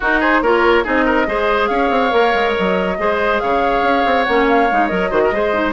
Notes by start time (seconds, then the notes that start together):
0.00 D#4 F#4 A#4
0.20 G#4 C5
0.41 A#3 F4 A#4 C#5
0.84 C4 D#4 G#4 D#5
1.05 A#4
1.26 G#3 G#4 C5
1.66 C#4 C#5 F5
1.90 C4
2.10 A#3 A#4
2.34 G#3
2.56 F#3 D#5
2.98 G#3 G#4 C5
3.39 C#3 C#5 F5
3.82 C#4
4.05 C4
4.23 A#3 C#4 F#5
4.48 F5
4.71 G#3 D#4
4.86 F#3 A#4 D#5
5.10 D#3 F#4 C5
5.24 A#4
5.31 G#3 G#4 C5
5.53 D#4